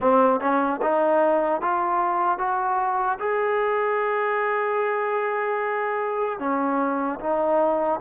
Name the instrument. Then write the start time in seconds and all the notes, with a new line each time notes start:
trombone
0.00 C4
0.40 C#4
0.82 D#4
1.61 F4
2.38 F#4
3.19 G#4
6.39 C#4
7.20 D#4